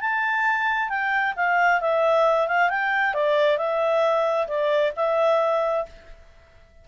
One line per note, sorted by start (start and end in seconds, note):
0.00 0.89 A5
0.89 1.34 G5
1.36 1.80 F5
1.81 2.47 E5
2.47 2.69 F5
2.69 3.14 G5
3.14 3.57 D5
3.57 4.47 E5
4.47 4.92 D5
4.96 5.85 E5